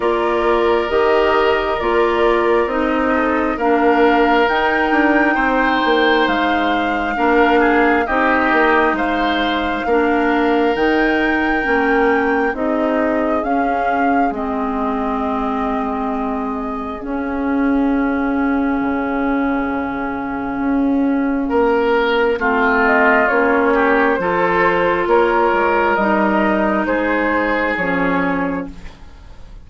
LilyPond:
<<
  \new Staff \with { instrumentName = "flute" } { \time 4/4 \tempo 4 = 67 d''4 dis''4 d''4 dis''4 | f''4 g''2 f''4~ | f''4 dis''4 f''2 | g''2 dis''4 f''4 |
dis''2. f''4~ | f''1~ | f''4. dis''8 cis''4 c''4 | cis''4 dis''4 c''4 cis''4 | }
  \new Staff \with { instrumentName = "oboe" } { \time 4/4 ais'2.~ ais'8 a'8 | ais'2 c''2 | ais'8 gis'8 g'4 c''4 ais'4~ | ais'2 gis'2~ |
gis'1~ | gis'1 | ais'4 f'4. g'8 a'4 | ais'2 gis'2 | }
  \new Staff \with { instrumentName = "clarinet" } { \time 4/4 f'4 g'4 f'4 dis'4 | d'4 dis'2. | d'4 dis'2 d'4 | dis'4 cis'4 dis'4 cis'4 |
c'2. cis'4~ | cis'1~ | cis'4 c'4 cis'4 f'4~ | f'4 dis'2 cis'4 | }
  \new Staff \with { instrumentName = "bassoon" } { \time 4/4 ais4 dis4 ais4 c'4 | ais4 dis'8 d'8 c'8 ais8 gis4 | ais4 c'8 ais8 gis4 ais4 | dis4 ais4 c'4 cis'4 |
gis2. cis'4~ | cis'4 cis2 cis'4 | ais4 a4 ais4 f4 | ais8 gis8 g4 gis4 f4 | }
>>